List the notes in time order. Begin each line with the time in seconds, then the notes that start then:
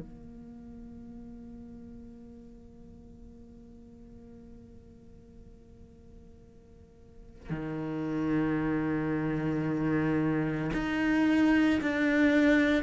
0.00 A#3
7.50 D#3
10.73 D#4
11.81 D4